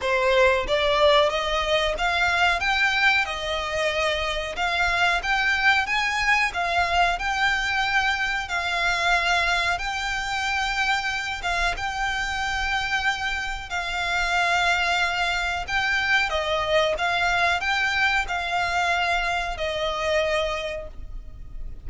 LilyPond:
\new Staff \with { instrumentName = "violin" } { \time 4/4 \tempo 4 = 92 c''4 d''4 dis''4 f''4 | g''4 dis''2 f''4 | g''4 gis''4 f''4 g''4~ | g''4 f''2 g''4~ |
g''4. f''8 g''2~ | g''4 f''2. | g''4 dis''4 f''4 g''4 | f''2 dis''2 | }